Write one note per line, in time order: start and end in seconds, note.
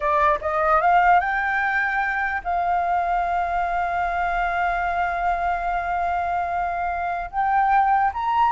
0.00 0.38 D5
0.41 0.81 D#5
0.81 1.20 F5
1.20 2.41 G5
2.44 7.30 F5
7.30 8.11 G5
8.13 8.52 A#5